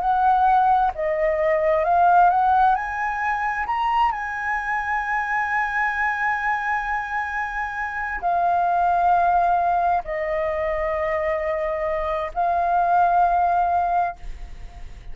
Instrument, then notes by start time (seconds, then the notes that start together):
flute
0.00 F#5
0.94 D#5
1.84 F5
2.30 F#5
2.75 G#5
3.66 A#5
4.11 G#5
8.21 F5
10.04 D#5
12.34 F5